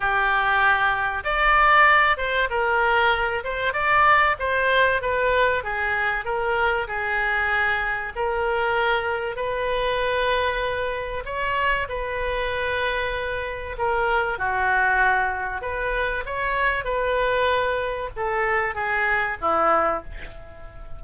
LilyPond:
\new Staff \with { instrumentName = "oboe" } { \time 4/4 \tempo 4 = 96 g'2 d''4. c''8 | ais'4. c''8 d''4 c''4 | b'4 gis'4 ais'4 gis'4~ | gis'4 ais'2 b'4~ |
b'2 cis''4 b'4~ | b'2 ais'4 fis'4~ | fis'4 b'4 cis''4 b'4~ | b'4 a'4 gis'4 e'4 | }